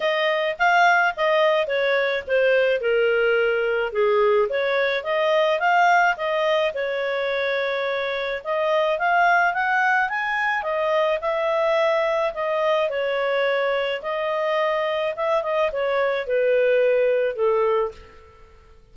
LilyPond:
\new Staff \with { instrumentName = "clarinet" } { \time 4/4 \tempo 4 = 107 dis''4 f''4 dis''4 cis''4 | c''4 ais'2 gis'4 | cis''4 dis''4 f''4 dis''4 | cis''2. dis''4 |
f''4 fis''4 gis''4 dis''4 | e''2 dis''4 cis''4~ | cis''4 dis''2 e''8 dis''8 | cis''4 b'2 a'4 | }